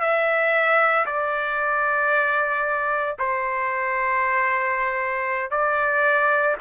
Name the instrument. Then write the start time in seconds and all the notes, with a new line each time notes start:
trumpet
0.00 E5
1.06 D5
3.19 C5
5.51 D5